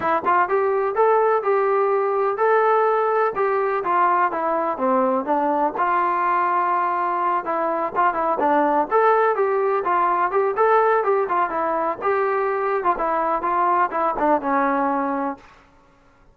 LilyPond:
\new Staff \with { instrumentName = "trombone" } { \time 4/4 \tempo 4 = 125 e'8 f'8 g'4 a'4 g'4~ | g'4 a'2 g'4 | f'4 e'4 c'4 d'4 | f'2.~ f'8 e'8~ |
e'8 f'8 e'8 d'4 a'4 g'8~ | g'8 f'4 g'8 a'4 g'8 f'8 | e'4 g'4.~ g'16 f'16 e'4 | f'4 e'8 d'8 cis'2 | }